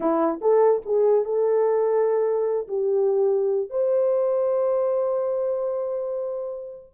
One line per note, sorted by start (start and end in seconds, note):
0.00 0.40 E4
0.41 0.82 A4
0.85 1.24 G#4
1.24 2.67 A4
2.68 3.70 G4
3.70 6.94 C5